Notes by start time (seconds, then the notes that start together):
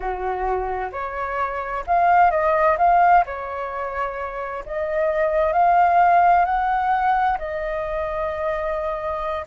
0.00 F#4
0.91 C#5
1.86 F5
2.31 D#5
2.78 F5
3.25 C#5
4.65 D#5
5.53 F5
6.45 F#5
7.38 D#5